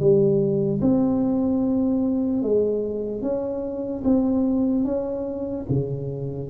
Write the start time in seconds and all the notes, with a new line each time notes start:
0.00 G3
0.81 C4
2.43 G#3
3.22 C#4
4.05 C4
4.85 C#4
5.69 C#3